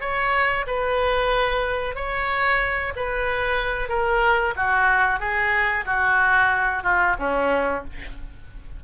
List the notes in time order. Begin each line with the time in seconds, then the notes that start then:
0.00 C#5
0.66 B4
1.94 C#5
2.96 B4
3.88 A#4
4.56 F#4
5.19 G#4
5.85 F#4
6.83 F4
7.18 C#4